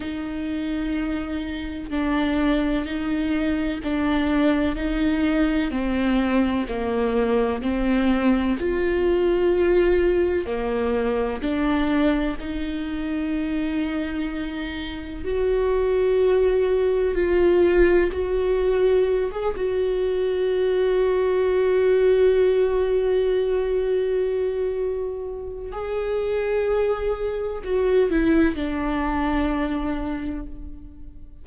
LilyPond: \new Staff \with { instrumentName = "viola" } { \time 4/4 \tempo 4 = 63 dis'2 d'4 dis'4 | d'4 dis'4 c'4 ais4 | c'4 f'2 ais4 | d'4 dis'2. |
fis'2 f'4 fis'4~ | fis'16 gis'16 fis'2.~ fis'8~ | fis'2. gis'4~ | gis'4 fis'8 e'8 d'2 | }